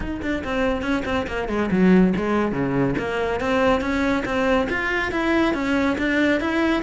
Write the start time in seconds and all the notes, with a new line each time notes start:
0.00 D#4
0.22 D4
0.44 C4
0.81 C#4
1.05 C4
1.27 A#3
1.48 G#3
1.71 F#3
2.16 G#3
2.52 C#3
2.98 A#3
3.40 C4
3.81 C#4
4.25 C4
4.69 F4
5.11 E4
5.54 C#4
5.97 D4
6.40 E4